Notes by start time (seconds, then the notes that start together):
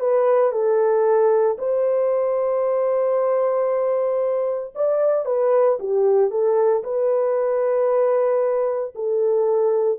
0.00 B4
0.52 A4
1.58 C5
4.75 D5
5.26 B4
5.79 G4
6.31 A4
6.84 B4
8.95 A4